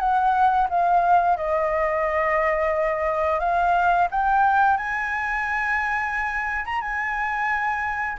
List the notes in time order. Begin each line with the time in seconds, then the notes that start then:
0.00 F#5
0.70 F5
1.37 D#5
3.40 F5
4.11 G5
4.78 G#5
6.66 A#5
6.82 G#5